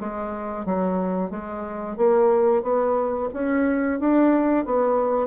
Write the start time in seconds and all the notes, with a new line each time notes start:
0.00 G#3
0.65 F#3
1.30 G#3
1.97 A#3
2.62 B3
3.33 C#4
4.00 D4
4.65 B3